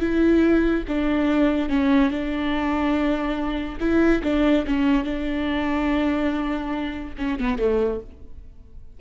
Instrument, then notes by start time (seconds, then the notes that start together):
viola
0.00 E4
0.88 D4
1.70 C#4
2.11 D4
3.80 E4
4.23 D4
4.67 C#4
5.04 D4
7.18 C#4
7.39 B3
7.59 A3